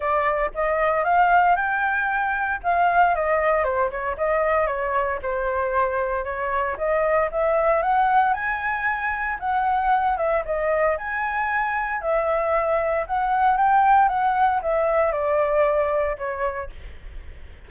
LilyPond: \new Staff \with { instrumentName = "flute" } { \time 4/4 \tempo 4 = 115 d''4 dis''4 f''4 g''4~ | g''4 f''4 dis''4 c''8 cis''8 | dis''4 cis''4 c''2 | cis''4 dis''4 e''4 fis''4 |
gis''2 fis''4. e''8 | dis''4 gis''2 e''4~ | e''4 fis''4 g''4 fis''4 | e''4 d''2 cis''4 | }